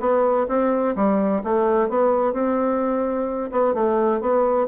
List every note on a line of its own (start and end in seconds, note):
0.00 0.47 B3
0.48 0.95 C4
0.96 1.43 G3
1.44 1.89 A3
1.89 2.34 B3
2.34 3.51 C4
3.52 3.74 B3
3.74 4.21 A3
4.21 4.67 B3